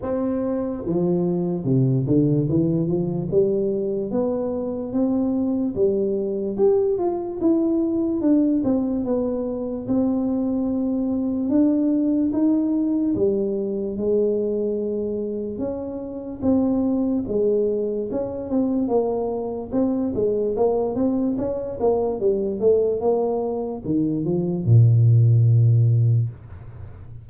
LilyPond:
\new Staff \with { instrumentName = "tuba" } { \time 4/4 \tempo 4 = 73 c'4 f4 c8 d8 e8 f8 | g4 b4 c'4 g4 | g'8 f'8 e'4 d'8 c'8 b4 | c'2 d'4 dis'4 |
g4 gis2 cis'4 | c'4 gis4 cis'8 c'8 ais4 | c'8 gis8 ais8 c'8 cis'8 ais8 g8 a8 | ais4 dis8 f8 ais,2 | }